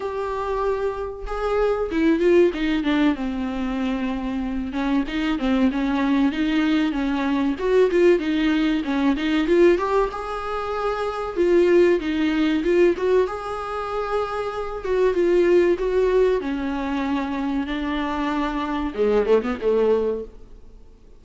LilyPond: \new Staff \with { instrumentName = "viola" } { \time 4/4 \tempo 4 = 95 g'2 gis'4 e'8 f'8 | dis'8 d'8 c'2~ c'8 cis'8 | dis'8 c'8 cis'4 dis'4 cis'4 | fis'8 f'8 dis'4 cis'8 dis'8 f'8 g'8 |
gis'2 f'4 dis'4 | f'8 fis'8 gis'2~ gis'8 fis'8 | f'4 fis'4 cis'2 | d'2 gis8 a16 b16 a4 | }